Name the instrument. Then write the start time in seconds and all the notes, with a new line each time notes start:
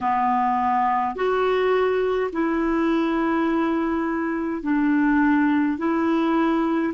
clarinet
0.00 B3
1.15 F#4
2.32 E4
4.62 D4
5.77 E4